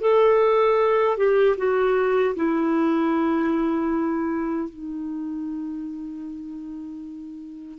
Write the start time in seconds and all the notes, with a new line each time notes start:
0.00 A4
1.17 G4
1.57 F#4
2.35 E4
4.69 D#4